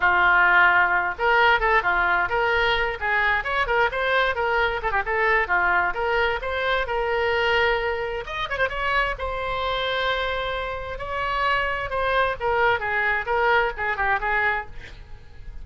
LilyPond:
\new Staff \with { instrumentName = "oboe" } { \time 4/4 \tempo 4 = 131 f'2~ f'8 ais'4 a'8 | f'4 ais'4. gis'4 cis''8 | ais'8 c''4 ais'4 a'16 g'16 a'4 | f'4 ais'4 c''4 ais'4~ |
ais'2 dis''8 cis''16 c''16 cis''4 | c''1 | cis''2 c''4 ais'4 | gis'4 ais'4 gis'8 g'8 gis'4 | }